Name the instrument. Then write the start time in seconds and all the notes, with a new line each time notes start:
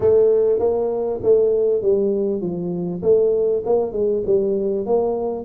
tuba
0.00 A3
0.59 A#3
1.23 A3
1.82 G3
2.41 F3
3.02 A3
3.65 A#3
3.92 G#3
4.26 G3
4.86 A#3